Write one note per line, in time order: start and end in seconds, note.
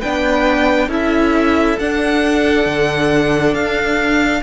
0.00 0.89 B3
0.00 0.89 D4
0.00 0.88 B4
0.00 0.90 G5
0.88 1.77 C#4
0.88 1.78 E4
0.88 4.41 A4
0.88 1.79 E5
1.79 2.66 D4
1.79 4.43 D4
1.79 3.55 F#5
2.66 3.54 D3
3.54 4.43 D4
3.54 4.43 F5